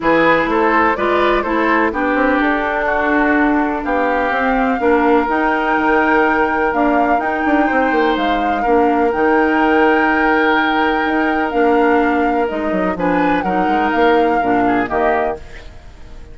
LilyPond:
<<
  \new Staff \with { instrumentName = "flute" } { \time 4/4 \tempo 4 = 125 b'4 c''4 d''4 c''4 | b'4 a'2. | f''2. g''4~ | g''2 f''4 g''4~ |
g''4 f''2 g''4~ | g''1 | f''2 dis''4 gis''4 | fis''4 f''2 dis''4 | }
  \new Staff \with { instrumentName = "oboe" } { \time 4/4 gis'4 a'4 b'4 a'4 | g'2 fis'2 | g'2 ais'2~ | ais'1 |
c''2 ais'2~ | ais'1~ | ais'2. b'4 | ais'2~ ais'8 gis'8 g'4 | }
  \new Staff \with { instrumentName = "clarinet" } { \time 4/4 e'2 f'4 e'4 | d'1~ | d'4 c'4 d'4 dis'4~ | dis'2 ais4 dis'4~ |
dis'2 d'4 dis'4~ | dis'1 | d'2 dis'4 d'4 | dis'2 d'4 ais4 | }
  \new Staff \with { instrumentName = "bassoon" } { \time 4/4 e4 a4 gis4 a4 | b8 c'8 d'2. | b4 c'4 ais4 dis'4 | dis2 d'4 dis'8 d'8 |
c'8 ais8 gis4 ais4 dis4~ | dis2. dis'4 | ais2 gis8 fis8 f4 | fis8 gis8 ais4 ais,4 dis4 | }
>>